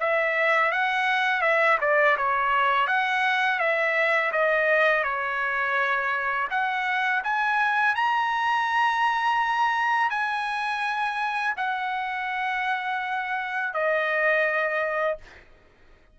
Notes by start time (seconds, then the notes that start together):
0.00 E5
0.72 F#5
1.42 E5
1.81 D5
2.17 C#5
2.87 F#5
3.59 E5
4.32 D#5
5.04 C#5
6.51 F#5
7.24 G#5
7.95 A#5
10.10 G#5
11.57 F#5
13.73 D#5